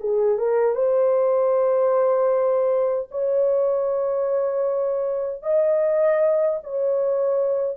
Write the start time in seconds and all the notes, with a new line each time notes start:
0.00 G#4
0.39 A#4
0.75 C5
3.11 C#5
5.43 D#5
6.63 C#5